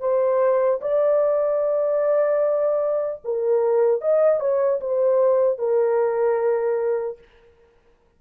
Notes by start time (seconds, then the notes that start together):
0.00 C5
0.81 D5
3.24 A#4
4.01 D#5
4.40 C#5
4.80 C5
5.58 A#4